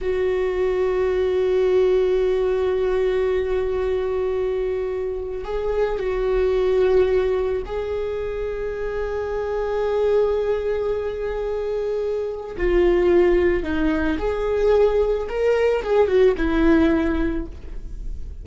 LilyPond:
\new Staff \with { instrumentName = "viola" } { \time 4/4 \tempo 4 = 110 fis'1~ | fis'1~ | fis'2 gis'4 fis'4~ | fis'2 gis'2~ |
gis'1~ | gis'2. f'4~ | f'4 dis'4 gis'2 | ais'4 gis'8 fis'8 e'2 | }